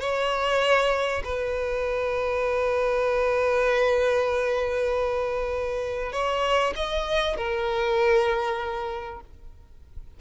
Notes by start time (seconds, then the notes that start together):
0.00 C#5
1.24 B4
6.13 C#5
6.76 D#5
7.37 A#4